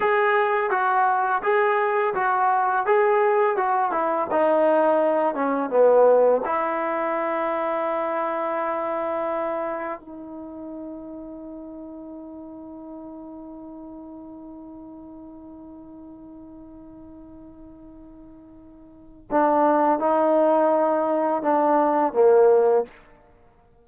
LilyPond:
\new Staff \with { instrumentName = "trombone" } { \time 4/4 \tempo 4 = 84 gis'4 fis'4 gis'4 fis'4 | gis'4 fis'8 e'8 dis'4. cis'8 | b4 e'2.~ | e'2 dis'2~ |
dis'1~ | dis'1~ | dis'2. d'4 | dis'2 d'4 ais4 | }